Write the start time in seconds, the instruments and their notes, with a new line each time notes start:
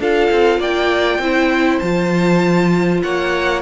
0.00 cello D4, viola F4, violin A4 F5
0.32 cello C4
0.59 cello A#3, violin D5 G5
1.19 cello C4, viola E4, violin C5
1.80 cello F3, viola F4, violin A5
3.03 cello A#3, violin C#5 F#5